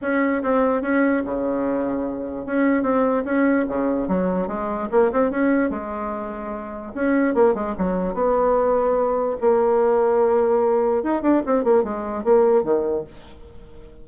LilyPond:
\new Staff \with { instrumentName = "bassoon" } { \time 4/4 \tempo 4 = 147 cis'4 c'4 cis'4 cis4~ | cis2 cis'4 c'4 | cis'4 cis4 fis4 gis4 | ais8 c'8 cis'4 gis2~ |
gis4 cis'4 ais8 gis8 fis4 | b2. ais4~ | ais2. dis'8 d'8 | c'8 ais8 gis4 ais4 dis4 | }